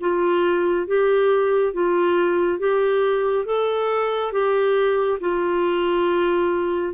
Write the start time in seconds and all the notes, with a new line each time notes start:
0.00 F4
0.87 G4
1.74 F4
2.59 G4
3.45 A4
4.32 G4
5.20 F4